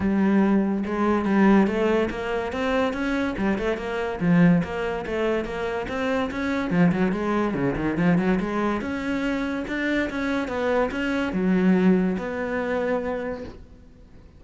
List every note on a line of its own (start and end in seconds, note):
0.00 0.84 G3
0.85 1.25 G#3
1.25 1.67 G3
1.67 2.09 A3
2.10 2.52 A#3
2.52 2.93 C4
2.93 3.35 C#4
3.37 3.58 G3
3.58 3.77 A3
3.77 4.19 A#3
4.20 4.62 F3
4.63 5.05 A#3
5.06 5.45 A3
5.45 5.86 A#3
5.88 6.30 C4
6.31 6.70 C#4
6.70 6.91 F3
6.92 7.12 F#3
7.12 7.54 G#3
7.54 7.75 C#3
7.76 7.97 D#3
7.97 8.18 F3
8.18 8.39 F#3
8.40 8.81 G#3
8.81 9.65 C#4
9.67 10.09 D4
10.09 10.48 C#4
10.48 10.90 B3
10.91 11.32 C#4
11.32 12.16 F#3
12.18 13.44 B3